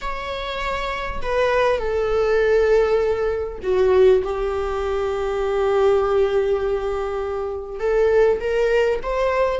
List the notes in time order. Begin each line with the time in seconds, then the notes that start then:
0.01 C#5
1.21 B4
1.78 A4
3.62 F#4
4.23 G4
7.79 A4
8.40 A#4
9.02 C5